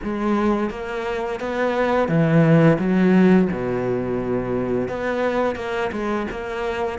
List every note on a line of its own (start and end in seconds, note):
0.03 0.70 G#3
0.70 1.40 A#3
1.40 2.08 B3
2.08 2.78 E3
2.78 3.48 F#3
3.51 4.88 B2
4.88 5.55 B3
5.55 5.90 A#3
5.91 6.26 G#3
6.30 6.98 A#3